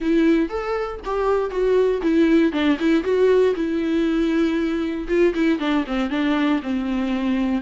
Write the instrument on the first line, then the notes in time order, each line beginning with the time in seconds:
viola
0.00 E4
0.49 A4
1.04 G4
1.50 F#4
2.02 E4
2.52 D4
2.79 E4
3.03 F#4
3.55 E4
5.08 F4
5.34 E4
5.59 D4
5.87 C4
6.10 D4
6.62 C4